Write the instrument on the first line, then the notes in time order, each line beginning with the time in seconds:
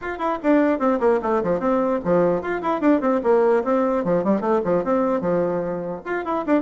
bassoon
0.01 F4
0.18 E4
0.42 D4
0.79 C4
1.00 A#3
1.22 A3
1.43 F3
1.59 C4
2.04 F3
2.41 F4
2.62 E4
2.80 D4
3.00 C4
3.23 A#3
3.64 C4
4.04 F3
4.24 G3
4.40 A3
4.64 F3
4.84 C4
5.20 F3
6.05 F4
6.25 E4
6.46 D4